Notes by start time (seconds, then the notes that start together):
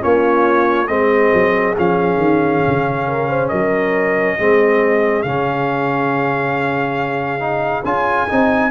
0.00 A#3 C#4 F4 C#5
0.87 G#3 C4 G#4 D#5
1.33 F#3
1.78 F3 C#4 F5
2.17 D#3
2.67 C#3
3.07 A#4
3.29 C5
3.48 F#3 A#4 D#5
4.37 G#3 C4 G#4
5.22 C#3 C#4 F5
7.40 D#4
7.84 C#4 F4 G#5
8.28 C4 D#4